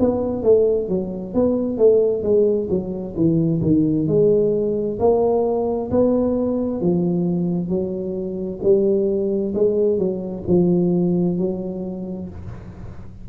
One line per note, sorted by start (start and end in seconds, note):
0.00 0.43 B3
0.43 0.89 A3
0.89 1.34 F#3
1.35 1.78 B3
1.78 2.23 A3
2.23 2.69 G#3
2.70 3.16 F#3
3.17 3.62 E3
3.62 4.08 D#3
4.08 4.99 G#3
5.00 5.91 A#3
5.91 6.81 B3
6.81 7.69 F3
7.69 8.60 F#3
8.63 9.54 G3
9.55 9.99 G#3
9.99 10.44 F#3
10.48 11.38 F3
11.38 12.29 F#3